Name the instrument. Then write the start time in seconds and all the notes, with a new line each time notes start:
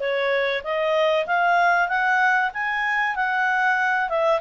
clarinet
0.00 C#5
0.64 D#5
1.27 F5
1.88 F#5
2.54 G#5
3.16 F#5
4.09 E5